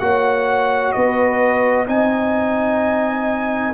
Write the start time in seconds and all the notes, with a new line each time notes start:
0.00 A#3 F#4 C#5 F#5
0.92 B3 B4 D#5
1.87 C4 D#4 D#5 G#5